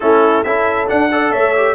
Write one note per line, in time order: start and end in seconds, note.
0.00 0.45 A3
0.00 0.45 C#4
0.00 0.45 E4
0.00 0.43 A4
0.43 0.89 C#4
0.43 0.87 E4
0.43 1.11 A4
0.43 0.87 E5
0.87 1.09 D4
0.87 1.33 D4
0.87 1.32 F#5
1.11 1.55 A4
1.11 1.32 D5
1.32 1.75 A3
1.32 1.75 C#5
1.32 1.75 E5
1.56 1.75 G4